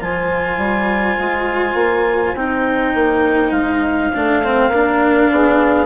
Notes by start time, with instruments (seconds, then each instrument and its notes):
0.00 bassoon F3, cello F4, saxophone C5, clarinet G#5
0.58 bassoon G3
1.19 bassoon G#3
1.75 bassoon A#3
2.35 bassoon C4, cello D#4, clarinet G5
2.95 bassoon A#3
3.52 bassoon G#3, clarinet F5
4.14 bassoon A3, cello D4
4.44 cello C4
4.69 bassoon A#3, cello D4, saxophone A#4
5.32 bassoon B3, saxophone G#4